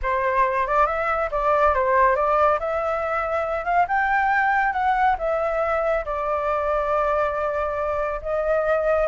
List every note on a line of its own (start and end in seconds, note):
0.02 0.66 C5
0.66 0.86 D5
0.86 1.29 E5
1.31 1.74 D5
1.74 2.15 C5
2.15 2.58 D5
2.59 3.64 E5
3.64 3.86 F5
3.88 4.73 G5
4.73 5.16 F#5
5.18 6.05 E5
6.05 8.21 D5
8.22 9.07 D#5